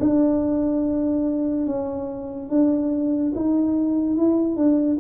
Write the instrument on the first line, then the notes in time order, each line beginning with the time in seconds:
tuba
0.00 D4
1.67 C#4
2.50 D4
3.36 D#4
4.16 E4
4.56 D4